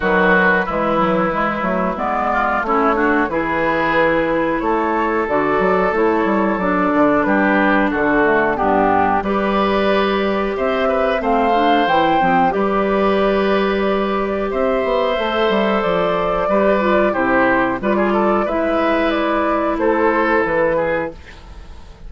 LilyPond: <<
  \new Staff \with { instrumentName = "flute" } { \time 4/4 \tempo 4 = 91 b'2. d''4 | cis''4 b'2 cis''4 | d''4 cis''4 d''4 b'4 | a'4 g'4 d''2 |
e''4 f''4 g''4 d''4~ | d''2 e''2 | d''2 c''4 d''4 | e''4 d''4 c''4 b'4 | }
  \new Staff \with { instrumentName = "oboe" } { \time 4/4 fis'4 e'2~ e'8 f'8 | e'8 fis'8 gis'2 a'4~ | a'2. g'4 | fis'4 d'4 b'2 |
c''8 b'8 c''2 b'4~ | b'2 c''2~ | c''4 b'4 g'4 b'16 gis'16 a'8 | b'2 a'4. gis'8 | }
  \new Staff \with { instrumentName = "clarinet" } { \time 4/4 fis4 gis8 fis8 gis8 a8 b4 | cis'8 d'8 e'2. | fis'4 e'4 d'2~ | d'8 a8 b4 g'2~ |
g'4 c'8 d'8 e'8 c'8 g'4~ | g'2. a'4~ | a'4 g'8 f'8 e'4 f'4 | e'1 | }
  \new Staff \with { instrumentName = "bassoon" } { \time 4/4 dis4 e4. fis8 gis4 | a4 e2 a4 | d8 fis8 a8 g8 fis8 d8 g4 | d4 g,4 g2 |
c'4 a4 e8 f8 g4~ | g2 c'8 b8 a8 g8 | f4 g4 c4 g4 | gis2 a4 e4 | }
>>